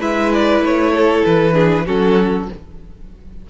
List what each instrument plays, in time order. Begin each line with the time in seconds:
0.00 cello G#3, viola E4, violin B4 E5
0.34 violin D5
0.61 cello A3, violin C#5
0.94 violin A4
1.25 cello E3, violin B4
1.53 viola D4, violin G#4
1.86 cello F#3, viola C#4, violin F#4 A4